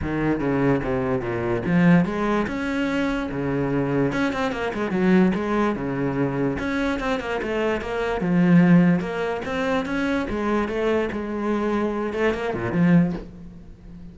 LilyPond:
\new Staff \with { instrumentName = "cello" } { \time 4/4 \tempo 4 = 146 dis4 cis4 c4 ais,4 | f4 gis4 cis'2 | cis2 cis'8 c'8 ais8 gis8 | fis4 gis4 cis2 |
cis'4 c'8 ais8 a4 ais4 | f2 ais4 c'4 | cis'4 gis4 a4 gis4~ | gis4. a8 ais8 ais,8 f4 | }